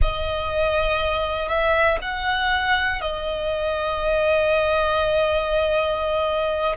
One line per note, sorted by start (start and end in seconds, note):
0.01 1.48 D#5
1.48 1.98 E5
2.01 3.00 F#5
3.00 6.75 D#5